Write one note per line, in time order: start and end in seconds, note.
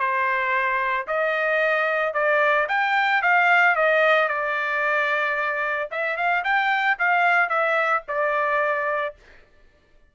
0.00 1.07 C5
1.08 2.14 D#5
2.14 2.68 D5
2.69 3.22 G5
3.23 3.76 F5
3.76 4.29 D#5
4.29 5.90 D5
5.92 6.17 E5
6.17 6.44 F5
6.44 6.98 G5
6.99 7.50 F5
7.50 8.03 E5
8.08 9.16 D5